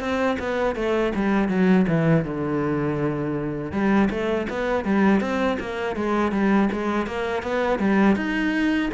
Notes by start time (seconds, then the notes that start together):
0.00 C4
0.39 B3
0.75 A3
1.15 G3
1.49 F#3
1.88 E3
2.25 D3
3.72 G3
4.10 A3
4.49 B3
4.85 G3
5.21 C4
5.60 A#3
5.96 G#3
6.32 G3
6.72 G#3
7.07 A#3
7.43 B3
7.79 G3
8.16 D#4